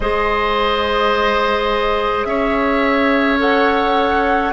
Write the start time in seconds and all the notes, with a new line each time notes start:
0.00 G#3 G#4 C5 D#5
2.25 C#4 C#5 E5
3.38 A4 F#5